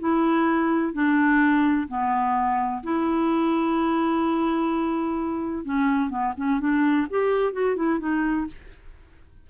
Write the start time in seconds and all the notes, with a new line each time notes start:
0.00 E4
0.94 D4
1.88 B3
2.83 E4
5.65 C#4
6.10 B3
6.37 C#4
6.60 D4
7.10 G4
7.53 F#4
7.76 E4
8.00 D#4